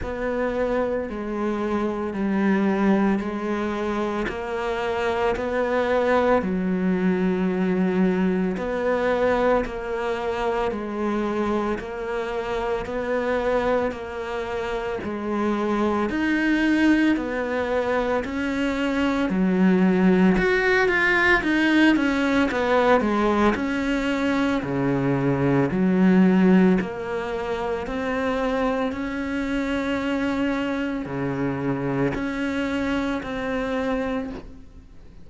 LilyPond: \new Staff \with { instrumentName = "cello" } { \time 4/4 \tempo 4 = 56 b4 gis4 g4 gis4 | ais4 b4 fis2 | b4 ais4 gis4 ais4 | b4 ais4 gis4 dis'4 |
b4 cis'4 fis4 fis'8 f'8 | dis'8 cis'8 b8 gis8 cis'4 cis4 | fis4 ais4 c'4 cis'4~ | cis'4 cis4 cis'4 c'4 | }